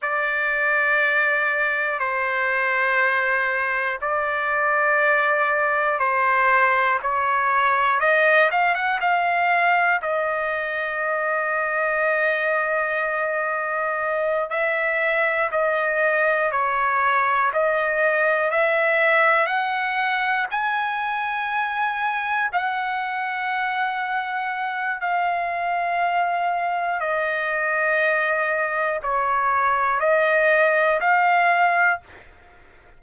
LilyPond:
\new Staff \with { instrumentName = "trumpet" } { \time 4/4 \tempo 4 = 60 d''2 c''2 | d''2 c''4 cis''4 | dis''8 f''16 fis''16 f''4 dis''2~ | dis''2~ dis''8 e''4 dis''8~ |
dis''8 cis''4 dis''4 e''4 fis''8~ | fis''8 gis''2 fis''4.~ | fis''4 f''2 dis''4~ | dis''4 cis''4 dis''4 f''4 | }